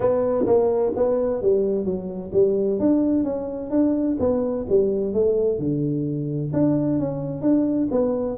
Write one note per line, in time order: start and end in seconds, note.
0.00 0.45 B3
0.45 0.92 A#3
0.96 1.41 B3
1.41 1.84 G3
1.84 2.31 F#3
2.33 2.79 G3
2.79 3.24 D4
3.24 3.70 C#4
3.70 4.17 D4
4.19 4.66 B3
4.69 5.13 G3
5.13 5.58 A3
5.58 6.51 D3
6.53 6.99 D4
6.99 7.41 C#4
7.41 7.88 D4
7.91 8.37 B3